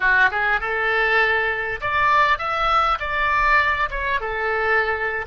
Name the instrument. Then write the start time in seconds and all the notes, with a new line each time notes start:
oboe
0.00 F#4
0.31 G#4
0.60 A4
1.80 D5
2.38 E5
2.99 D5
3.90 C#5
4.20 A4